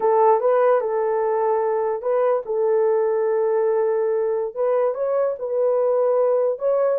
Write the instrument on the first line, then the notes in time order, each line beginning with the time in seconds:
horn
0.00 A4
0.40 B4
0.81 A4
2.02 B4
2.45 A4
4.54 B4
4.94 C#5
5.38 B4
6.58 C#5